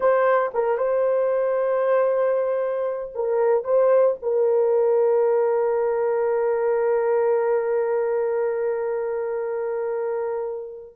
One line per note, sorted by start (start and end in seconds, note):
0.00 0.51 C5
0.54 0.77 A#4
0.77 3.12 C5
3.14 3.64 A#4
3.64 4.16 C5
4.21 10.96 A#4